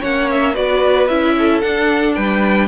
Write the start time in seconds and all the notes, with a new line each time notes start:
0.00 A#3 C#4 C#5 F#5
0.30 E5
0.54 B3 F#4 B4 D5
1.07 C#4 E4 E5
1.38 A4
1.60 D4 F#5
2.14 G3 B4 G5